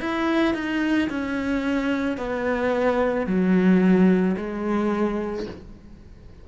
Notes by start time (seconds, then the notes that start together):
0.00 E4
0.54 D#4
1.09 C#4
2.17 B3
3.26 F#3
4.37 G#3